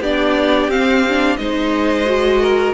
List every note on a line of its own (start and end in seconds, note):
0.00 0.68 B3
0.00 0.71 D4
0.00 1.36 G4
0.00 0.70 D5
0.68 1.37 C4
0.68 1.05 C4
0.68 1.37 F5
1.09 1.39 D4
1.37 2.74 G#3
1.37 2.06 D#4
1.37 2.42 C5
1.37 2.73 D#5
2.06 2.74 F#4
2.42 2.74 A#4